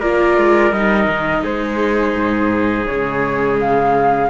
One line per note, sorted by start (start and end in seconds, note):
0.00 0.37 A#3
0.00 0.74 F4
0.00 1.43 A#4
0.00 0.72 D5
0.37 0.72 G#3
0.72 1.07 G3
0.72 2.88 D#4
0.72 1.43 D#5
1.08 1.43 D#3
1.43 2.15 G#3
1.43 4.29 G#4
1.43 2.85 C5
2.15 2.86 G#2
2.85 4.30 C#3
2.85 4.30 G#3
2.85 3.57 C#5
3.60 4.30 F5